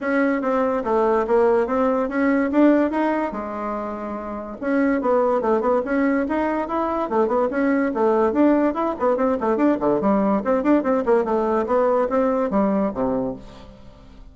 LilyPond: \new Staff \with { instrumentName = "bassoon" } { \time 4/4 \tempo 4 = 144 cis'4 c'4 a4 ais4 | c'4 cis'4 d'4 dis'4 | gis2. cis'4 | b4 a8 b8 cis'4 dis'4 |
e'4 a8 b8 cis'4 a4 | d'4 e'8 b8 c'8 a8 d'8 d8 | g4 c'8 d'8 c'8 ais8 a4 | b4 c'4 g4 c4 | }